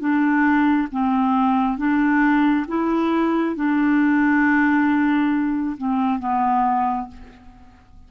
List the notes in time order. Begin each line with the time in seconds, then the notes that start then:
0.00 D4
0.91 C4
1.78 D4
2.68 E4
3.56 D4
5.78 C4
6.20 B3